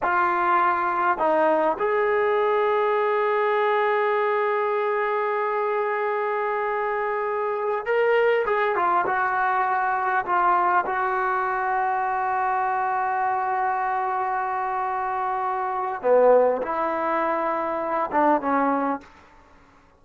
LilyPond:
\new Staff \with { instrumentName = "trombone" } { \time 4/4 \tempo 4 = 101 f'2 dis'4 gis'4~ | gis'1~ | gis'1~ | gis'4~ gis'16 ais'4 gis'8 f'8 fis'8.~ |
fis'4~ fis'16 f'4 fis'4.~ fis'16~ | fis'1~ | fis'2. b4 | e'2~ e'8 d'8 cis'4 | }